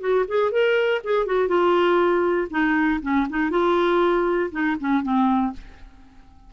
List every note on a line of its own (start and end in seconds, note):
0.00 0.25 F#4
0.28 0.51 G#4
0.51 1.01 A#4
1.04 1.26 G#4
1.26 1.48 F#4
1.48 2.48 F4
2.50 3.00 D#4
3.02 3.27 C#4
3.29 3.50 D#4
3.50 4.50 F4
4.51 4.76 D#4
4.80 5.02 C#4
5.02 5.52 C4